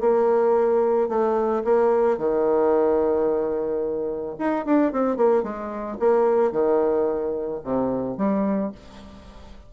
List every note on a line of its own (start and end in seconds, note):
0.00 1.09 A#3
1.09 1.63 A3
1.64 2.18 A#3
2.18 4.36 D#3
4.39 4.65 D#4
4.65 4.92 D4
4.92 5.16 C4
5.16 5.43 A#3
5.43 5.98 G#3
5.99 6.52 A#3
6.52 7.61 D#3
7.64 8.17 C3
8.17 8.72 G3